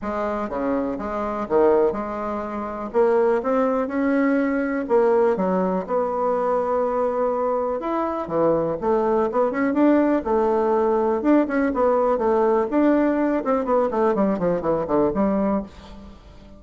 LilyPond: \new Staff \with { instrumentName = "bassoon" } { \time 4/4 \tempo 4 = 123 gis4 cis4 gis4 dis4 | gis2 ais4 c'4 | cis'2 ais4 fis4 | b1 |
e'4 e4 a4 b8 cis'8 | d'4 a2 d'8 cis'8 | b4 a4 d'4. c'8 | b8 a8 g8 f8 e8 d8 g4 | }